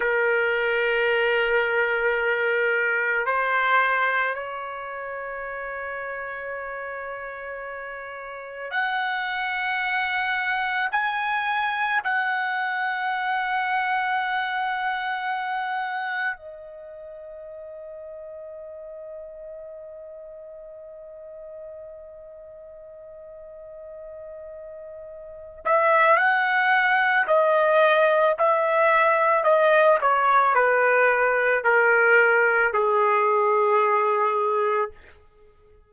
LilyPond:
\new Staff \with { instrumentName = "trumpet" } { \time 4/4 \tempo 4 = 55 ais'2. c''4 | cis''1 | fis''2 gis''4 fis''4~ | fis''2. dis''4~ |
dis''1~ | dis''2.~ dis''8 e''8 | fis''4 dis''4 e''4 dis''8 cis''8 | b'4 ais'4 gis'2 | }